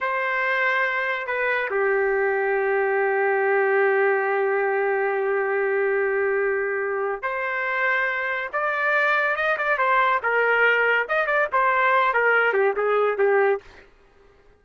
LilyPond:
\new Staff \with { instrumentName = "trumpet" } { \time 4/4 \tempo 4 = 141 c''2. b'4 | g'1~ | g'1~ | g'1~ |
g'4 c''2. | d''2 dis''8 d''8 c''4 | ais'2 dis''8 d''8 c''4~ | c''8 ais'4 g'8 gis'4 g'4 | }